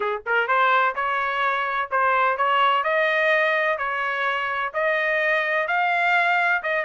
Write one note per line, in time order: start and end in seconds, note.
0.00 0.21 G#4
0.26 0.47 A#4
0.47 0.94 C5
0.95 1.89 C#5
1.90 2.37 C5
2.37 2.83 C#5
2.83 3.78 D#5
3.78 4.72 C#5
4.73 5.67 D#5
5.67 6.62 F5
6.62 6.84 D#5